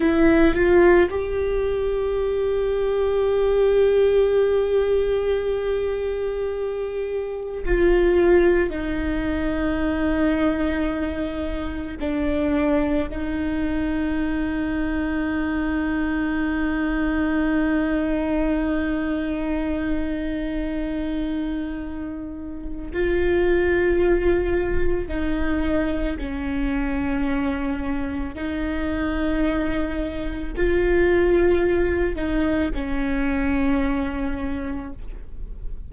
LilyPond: \new Staff \with { instrumentName = "viola" } { \time 4/4 \tempo 4 = 55 e'8 f'8 g'2.~ | g'2. f'4 | dis'2. d'4 | dis'1~ |
dis'1~ | dis'4 f'2 dis'4 | cis'2 dis'2 | f'4. dis'8 cis'2 | }